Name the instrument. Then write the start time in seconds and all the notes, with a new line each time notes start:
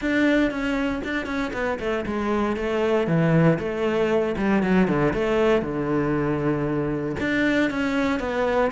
cello
0.01 D4
0.50 C#4
1.04 D4
1.25 C#4
1.53 B3
1.79 A3
2.05 G#3
2.56 A3
3.07 E3
3.59 A3
4.37 G3
4.62 F#3
4.87 D3
5.13 A3
5.62 D3
7.20 D4
7.70 C#4
8.19 B3